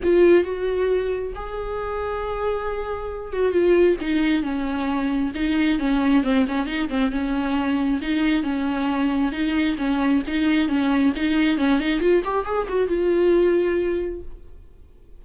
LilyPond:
\new Staff \with { instrumentName = "viola" } { \time 4/4 \tempo 4 = 135 f'4 fis'2 gis'4~ | gis'2.~ gis'8 fis'8 | f'4 dis'4 cis'2 | dis'4 cis'4 c'8 cis'8 dis'8 c'8 |
cis'2 dis'4 cis'4~ | cis'4 dis'4 cis'4 dis'4 | cis'4 dis'4 cis'8 dis'8 f'8 g'8 | gis'8 fis'8 f'2. | }